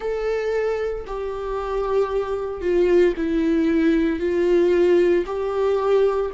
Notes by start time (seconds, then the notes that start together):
0.00 A4
1.07 G4
2.61 F4
3.16 E4
4.19 F4
5.25 G4